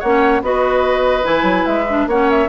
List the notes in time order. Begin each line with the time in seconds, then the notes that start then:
0.00 A#3 C#4 C#5 F#5
0.42 B3 F#4 B4 D#5
1.23 E3 E4 G#5
1.43 F#3
1.66 G#3 E5
1.89 D4
2.07 A#3 C#4 C#5 F#5
2.30 E5